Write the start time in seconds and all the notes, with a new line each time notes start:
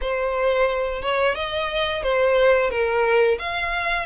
0.01 C5
1.02 C#5
1.35 D#5
2.03 C5
2.70 A#4
3.38 F5